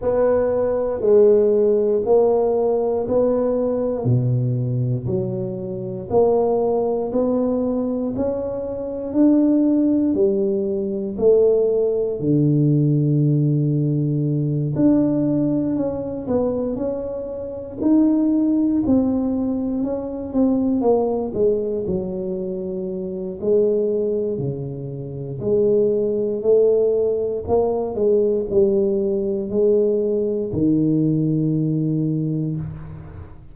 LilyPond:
\new Staff \with { instrumentName = "tuba" } { \time 4/4 \tempo 4 = 59 b4 gis4 ais4 b4 | b,4 fis4 ais4 b4 | cis'4 d'4 g4 a4 | d2~ d8 d'4 cis'8 |
b8 cis'4 dis'4 c'4 cis'8 | c'8 ais8 gis8 fis4. gis4 | cis4 gis4 a4 ais8 gis8 | g4 gis4 dis2 | }